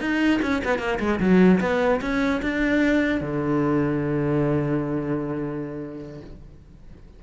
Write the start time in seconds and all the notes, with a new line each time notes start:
0.00 D#4
0.42 C#4
0.64 B3
0.79 A#3
0.99 G#3
1.20 F#3
1.60 B3
2.01 C#4
2.42 D4
3.21 D3